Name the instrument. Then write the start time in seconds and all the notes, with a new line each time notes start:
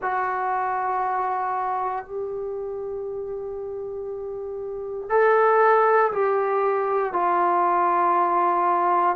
trombone
0.02 F#4
2.05 G4
5.09 A4
6.12 G4
7.12 F4